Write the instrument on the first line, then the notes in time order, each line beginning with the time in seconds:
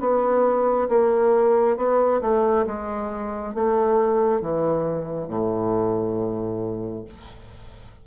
bassoon
0.00 B3
0.89 A#3
1.76 B3
2.21 A3
2.67 G#3
3.55 A3
4.41 E3
5.28 A2